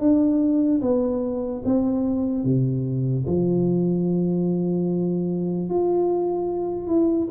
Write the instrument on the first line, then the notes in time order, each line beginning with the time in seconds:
tuba
0.00 D4
0.82 B3
1.65 C4
2.44 C3
3.27 F3
5.69 F4
6.87 E4